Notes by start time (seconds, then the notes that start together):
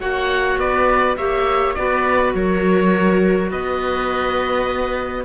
0.00 A#3 F#4 C#5 F#5
0.57 B3 B4 D5
1.16 A#3 G4 C#5 E5
1.74 B3 F#4 B4 D5
2.34 F#3 A#4 C#5
3.51 B3 B4 D#5